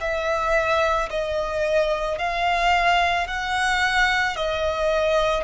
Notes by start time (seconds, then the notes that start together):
0.00 E5
1.10 D#5
2.18 F5
3.27 F#5
4.36 D#5